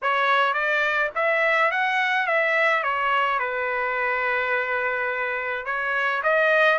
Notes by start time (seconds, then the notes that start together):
0.02 C#5
0.53 D5
1.15 E5
1.71 F#5
2.26 E5
2.83 C#5
3.39 B4
5.65 C#5
6.23 D#5